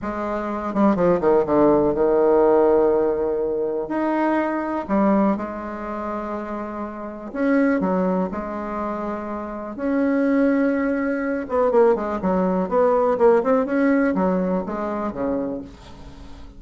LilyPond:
\new Staff \with { instrumentName = "bassoon" } { \time 4/4 \tempo 4 = 123 gis4. g8 f8 dis8 d4 | dis1 | dis'2 g4 gis4~ | gis2. cis'4 |
fis4 gis2. | cis'2.~ cis'8 b8 | ais8 gis8 fis4 b4 ais8 c'8 | cis'4 fis4 gis4 cis4 | }